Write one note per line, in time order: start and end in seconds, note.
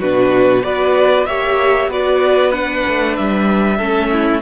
0.00 0.65 B2
0.00 0.63 D4
0.00 0.63 F#4
0.00 0.64 B4
0.63 1.28 B3
0.63 1.26 F#4
0.63 1.27 B4
0.63 1.26 D5
1.26 1.88 A#3
1.26 1.90 G4
1.26 1.90 C#5
1.26 1.89 E5
1.88 2.83 B3
1.88 2.52 F#4
1.88 3.77 B4
1.88 2.52 D5
2.52 3.78 D4
2.52 3.15 F#5
2.89 3.18 A3
3.17 3.80 G3
3.17 4.42 E5
3.77 4.42 A3
3.77 4.42 C#4
3.77 4.09 A4
4.12 4.42 E4